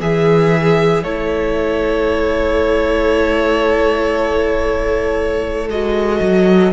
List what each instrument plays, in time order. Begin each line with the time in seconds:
0.00 cello E3, violin G#4 E5, viola G#4
1.03 cello A3, viola E4, violin A4 C#5
5.68 cello G#3, viola F#4, violin D#5
6.21 cello F#3